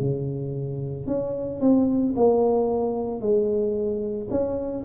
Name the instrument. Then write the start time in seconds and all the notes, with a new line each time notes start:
tuba
0.00 C#3
1.07 C#4
1.60 C4
2.16 A#3
3.20 G#3
4.30 C#4